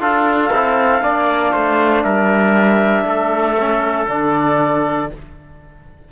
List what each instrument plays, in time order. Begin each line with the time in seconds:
0.00 cello D4, trombone F4, trumpet A4, clarinet F5
0.53 cello C4, trombone E4
1.02 cello A#3, trombone D4, trumpet D5
1.53 cello A3, trumpet C5
2.02 cello G3, trumpet A#4, clarinet E5
3.05 cello A3, trumpet A4
3.59 trombone C#4
4.08 cello D3, trombone D4, clarinet D5